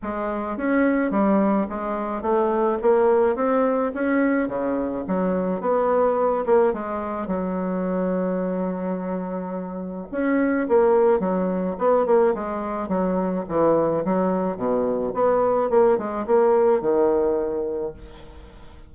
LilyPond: \new Staff \with { instrumentName = "bassoon" } { \time 4/4 \tempo 4 = 107 gis4 cis'4 g4 gis4 | a4 ais4 c'4 cis'4 | cis4 fis4 b4. ais8 | gis4 fis2.~ |
fis2 cis'4 ais4 | fis4 b8 ais8 gis4 fis4 | e4 fis4 b,4 b4 | ais8 gis8 ais4 dis2 | }